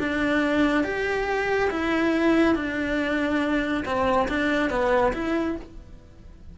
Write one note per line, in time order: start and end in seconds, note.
0.00 0.84 D4
0.84 1.70 G4
1.71 2.56 E4
2.56 3.85 D4
3.86 4.29 C4
4.29 4.71 D4
4.71 5.14 B3
5.14 5.57 E4